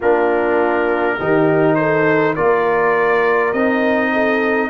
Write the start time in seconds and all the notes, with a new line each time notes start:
0.00 A#3 D4 F4 A#4
1.17 D#3 D#4 G4
1.75 A4 C5
2.35 A#3 F4 A#4 D5
3.52 C4 D#4 D#5
4.12 A4